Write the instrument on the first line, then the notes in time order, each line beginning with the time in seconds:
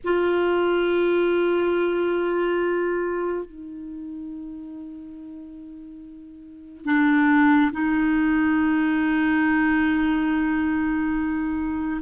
clarinet
0.04 F4
3.45 D#4
6.85 D4
7.72 D#4